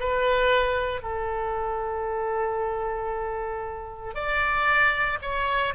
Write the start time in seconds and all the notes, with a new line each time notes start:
0.00 B4
1.02 A4
4.15 D5
5.22 C#5